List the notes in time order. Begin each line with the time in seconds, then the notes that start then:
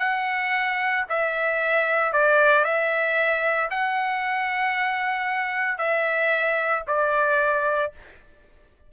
0.00 F#5
1.10 E5
2.13 D5
2.65 E5
3.71 F#5
5.79 E5
6.88 D5